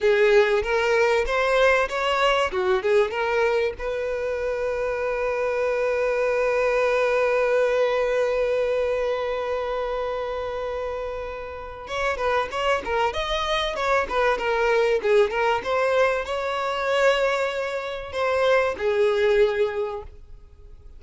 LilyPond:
\new Staff \with { instrumentName = "violin" } { \time 4/4 \tempo 4 = 96 gis'4 ais'4 c''4 cis''4 | fis'8 gis'8 ais'4 b'2~ | b'1~ | b'1~ |
b'2. cis''8 b'8 | cis''8 ais'8 dis''4 cis''8 b'8 ais'4 | gis'8 ais'8 c''4 cis''2~ | cis''4 c''4 gis'2 | }